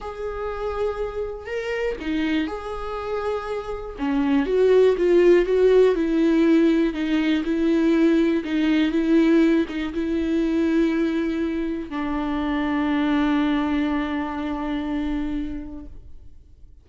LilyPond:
\new Staff \with { instrumentName = "viola" } { \time 4/4 \tempo 4 = 121 gis'2. ais'4 | dis'4 gis'2. | cis'4 fis'4 f'4 fis'4 | e'2 dis'4 e'4~ |
e'4 dis'4 e'4. dis'8 | e'1 | d'1~ | d'1 | }